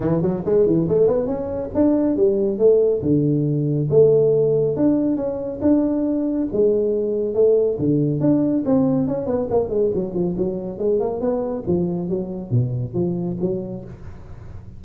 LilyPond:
\new Staff \with { instrumentName = "tuba" } { \time 4/4 \tempo 4 = 139 e8 fis8 gis8 e8 a8 b8 cis'4 | d'4 g4 a4 d4~ | d4 a2 d'4 | cis'4 d'2 gis4~ |
gis4 a4 d4 d'4 | c'4 cis'8 b8 ais8 gis8 fis8 f8 | fis4 gis8 ais8 b4 f4 | fis4 b,4 f4 fis4 | }